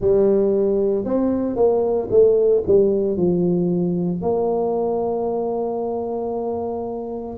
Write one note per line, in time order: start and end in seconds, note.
0.00 1.04 G3
1.04 1.56 C4
1.56 2.08 A#3
2.10 2.63 A3
2.66 3.16 G3
3.16 4.21 F3
4.21 7.37 A#3